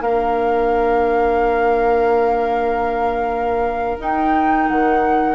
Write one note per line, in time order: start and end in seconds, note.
0.00 3.97 A#3
0.00 3.99 D4
0.00 5.35 A#4
0.00 3.98 F5
3.99 5.35 D#4
3.99 4.68 D#4
3.99 4.68 G5
4.68 5.35 D#3
4.68 5.35 F#5